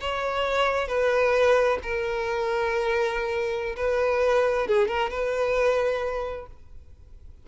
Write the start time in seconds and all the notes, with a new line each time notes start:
0.00 C#5
0.88 B4
1.83 A#4
3.76 B4
4.67 G#4
4.88 A#4
5.10 B4